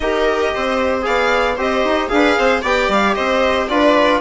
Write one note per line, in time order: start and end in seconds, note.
0.00 0.52 D#4
0.00 1.02 G4
0.00 0.54 A#4
0.00 1.01 D#5
0.54 1.06 C4
0.54 1.06 C5
1.02 1.58 B3
1.02 1.54 G#4
1.02 1.56 D5
1.02 1.57 F5
1.56 1.84 C4
1.56 2.09 G4
1.56 2.08 C5
1.56 2.08 D#5
1.84 2.10 D#4
2.08 2.37 D4
2.08 2.62 G#4
2.08 2.61 F5
2.14 2.39 B4
2.38 2.62 C4
2.38 2.62 C5
2.62 2.88 B3
2.62 3.69 G4
2.62 3.14 D5
2.62 2.91 G5
2.88 3.14 G3
2.88 3.14 F5
3.14 3.69 C4
3.14 3.68 C5
3.14 3.67 D#5
3.68 4.20 D4
3.68 4.20 F4
3.68 4.20 B4
3.68 4.20 D5